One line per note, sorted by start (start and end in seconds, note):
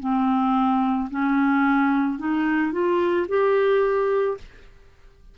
0.00 1.09 C4
1.10 2.19 C#4
2.19 2.72 D#4
2.72 3.27 F4
3.28 4.37 G4